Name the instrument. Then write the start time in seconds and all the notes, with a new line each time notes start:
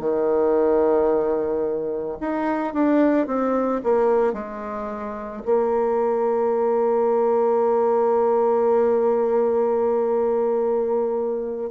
bassoon
0.00 D#3
2.21 D#4
2.74 D4
3.27 C4
3.84 A#3
4.33 G#3
5.45 A#3